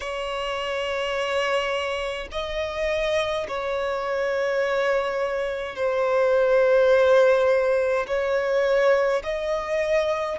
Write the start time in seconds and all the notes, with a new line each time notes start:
0.00 C#5
2.31 D#5
3.48 C#5
5.75 C5
8.07 C#5
9.23 D#5